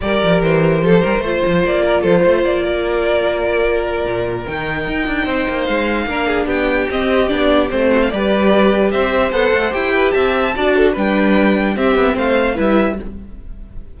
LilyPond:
<<
  \new Staff \with { instrumentName = "violin" } { \time 4/4 \tempo 4 = 148 d''4 c''2. | d''4 c''4 d''2~ | d''2. g''4~ | g''2 f''2 |
g''4 dis''4 d''4 c''4 | d''2 e''4 fis''4 | g''4 a''2 g''4~ | g''4 e''4 f''4 e''4 | }
  \new Staff \with { instrumentName = "violin" } { \time 4/4 ais'2 a'8 ais'8 c''4~ | c''8 ais'8 a'8 c''4 ais'4.~ | ais'1~ | ais'4 c''2 ais'8 gis'8 |
g'2.~ g'8 fis'16 f''16 | b'2 c''2~ | c''8 b'8 e''4 d''8 a'8 b'4~ | b'4 g'4 c''4 b'4 | }
  \new Staff \with { instrumentName = "viola" } { \time 4/4 g'2. f'4~ | f'1~ | f'2. dis'4~ | dis'2. d'4~ |
d'4 c'4 d'4 c'4 | g'2. a'4 | g'2 fis'4 d'4~ | d'4 c'2 e'4 | }
  \new Staff \with { instrumentName = "cello" } { \time 4/4 g8 f8 e4 f8 g8 a8 f8 | ais4 f8 a8 ais2~ | ais2 ais,4 dis4 | dis'8 d'8 c'8 ais8 gis4 ais4 |
b4 c'4 b4 a4 | g2 c'4 b8 a8 | e'4 c'4 d'4 g4~ | g4 c'8 b8 a4 g4 | }
>>